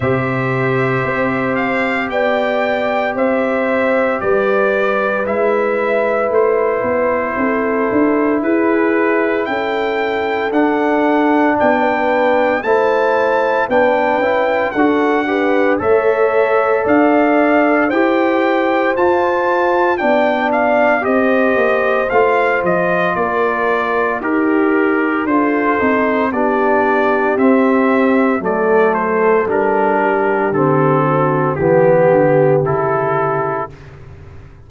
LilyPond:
<<
  \new Staff \with { instrumentName = "trumpet" } { \time 4/4 \tempo 4 = 57 e''4. f''8 g''4 e''4 | d''4 e''4 c''2 | b'4 g''4 fis''4 g''4 | a''4 g''4 fis''4 e''4 |
f''4 g''4 a''4 g''8 f''8 | dis''4 f''8 dis''8 d''4 ais'4 | c''4 d''4 e''4 d''8 c''8 | ais'4 a'4 g'4 a'4 | }
  \new Staff \with { instrumentName = "horn" } { \time 4/4 c''2 d''4 c''4 | b'2. a'4 | gis'4 a'2 d''16 b'8. | c''4 b'4 a'8 b'8 cis''4 |
d''4 c''2 d''4 | c''2 ais'4 g'4 | a'4 g'2 a'4~ | a'8 g'4 fis'8 g'2 | }
  \new Staff \with { instrumentName = "trombone" } { \time 4/4 g'1~ | g'4 e'2.~ | e'2 d'2 | e'4 d'8 e'8 fis'8 g'8 a'4~ |
a'4 g'4 f'4 d'4 | g'4 f'2 g'4 | f'8 dis'8 d'4 c'4 a4 | d'4 c'4 b4 e'4 | }
  \new Staff \with { instrumentName = "tuba" } { \time 4/4 c4 c'4 b4 c'4 | g4 gis4 a8 b8 c'8 d'8 | e'4 cis'4 d'4 b4 | a4 b8 cis'8 d'4 a4 |
d'4 e'4 f'4 b4 | c'8 ais8 a8 f8 ais4 dis'4 | d'8 c'8 b4 c'4 fis4 | g4 d4 e8 d8 cis4 | }
>>